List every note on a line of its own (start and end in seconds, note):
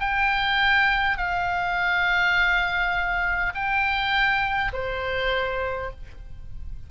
0.00 1.17 G5
1.17 3.52 F5
3.55 4.72 G5
4.73 5.90 C5